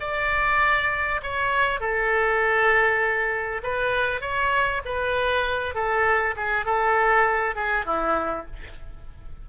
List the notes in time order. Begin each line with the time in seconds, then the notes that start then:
0.00 D5
1.23 C#5
1.80 A4
3.63 B4
4.21 C#5
4.85 B4
5.74 A4
6.36 G#4
6.65 A4
7.56 G#4
7.85 E4